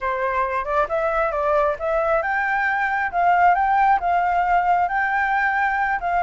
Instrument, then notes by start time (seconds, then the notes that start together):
flute
0.00 C5
0.64 D5
0.88 E5
1.31 D5
1.79 E5
2.22 G5
3.11 F5
3.54 G5
4.00 F5
4.88 G5
6.00 F5